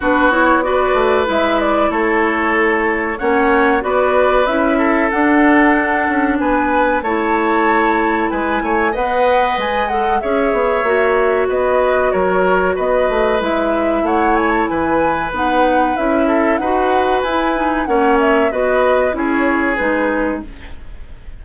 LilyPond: <<
  \new Staff \with { instrumentName = "flute" } { \time 4/4 \tempo 4 = 94 b'8 cis''8 d''4 e''8 d''8 cis''4~ | cis''4 fis''4 d''4 e''4 | fis''2 gis''4 a''4~ | a''4 gis''4 fis''4 gis''8 fis''8 |
e''2 dis''4 cis''4 | dis''4 e''4 fis''8 gis''16 a''16 gis''4 | fis''4 e''4 fis''4 gis''4 | fis''8 e''8 dis''4 cis''4 b'4 | }
  \new Staff \with { instrumentName = "oboe" } { \time 4/4 fis'4 b'2 a'4~ | a'4 cis''4 b'4. a'8~ | a'2 b'4 cis''4~ | cis''4 b'8 cis''8 dis''2 |
cis''2 b'4 ais'4 | b'2 cis''4 b'4~ | b'4. a'8 b'2 | cis''4 b'4 gis'2 | }
  \new Staff \with { instrumentName = "clarinet" } { \time 4/4 d'8 e'8 fis'4 e'2~ | e'4 cis'4 fis'4 e'4 | d'2. e'4~ | e'2 b'4. a'8 |
gis'4 fis'2.~ | fis'4 e'2. | dis'4 e'4 fis'4 e'8 dis'8 | cis'4 fis'4 e'4 dis'4 | }
  \new Staff \with { instrumentName = "bassoon" } { \time 4/4 b4. a8 gis4 a4~ | a4 ais4 b4 cis'4 | d'4. cis'8 b4 a4~ | a4 gis8 a8 b4 gis4 |
cis'8 b8 ais4 b4 fis4 | b8 a8 gis4 a4 e4 | b4 cis'4 dis'4 e'4 | ais4 b4 cis'4 gis4 | }
>>